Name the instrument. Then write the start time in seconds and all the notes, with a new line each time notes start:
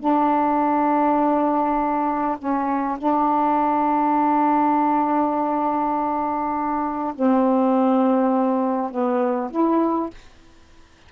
saxophone
0.00 D4
2.38 C#4
2.98 D4
7.16 C4
8.91 B3
9.51 E4